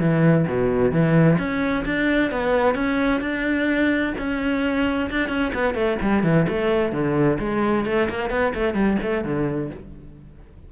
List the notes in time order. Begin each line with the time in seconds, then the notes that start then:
0.00 E3
0.48 B2
0.92 E3
1.39 C#4
1.86 D4
2.32 B3
2.75 C#4
3.21 D4
4.18 C#4
5.11 D4
5.29 C#4
5.54 B3
5.75 A3
6.02 G3
6.23 E3
6.49 A3
6.92 D3
7.40 G#3
7.86 A3
8.10 A#3
8.30 B3
8.54 A3
8.74 G3
9.03 A3
9.25 D3